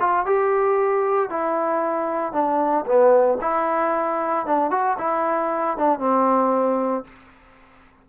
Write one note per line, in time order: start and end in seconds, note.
0.00 0.26 F4
0.26 1.30 G4
1.30 2.33 E4
2.33 2.85 D4
2.86 3.39 B3
3.41 4.46 E4
4.47 4.71 D4
4.71 4.97 F#4
4.99 5.78 E4
5.78 5.99 D4
5.99 7.05 C4